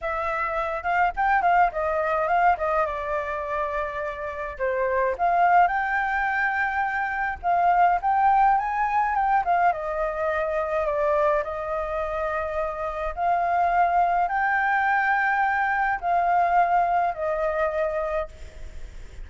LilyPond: \new Staff \with { instrumentName = "flute" } { \time 4/4 \tempo 4 = 105 e''4. f''8 g''8 f''8 dis''4 | f''8 dis''8 d''2. | c''4 f''4 g''2~ | g''4 f''4 g''4 gis''4 |
g''8 f''8 dis''2 d''4 | dis''2. f''4~ | f''4 g''2. | f''2 dis''2 | }